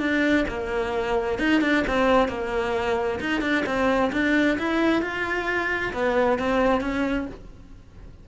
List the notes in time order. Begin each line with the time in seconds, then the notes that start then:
0.00 D4
0.48 A#3
1.39 D#4
1.62 D4
1.88 C4
2.29 A#3
3.20 D#4
3.42 D4
3.66 C4
4.13 D4
4.59 E4
5.02 F4
5.94 B3
6.39 C4
6.81 C#4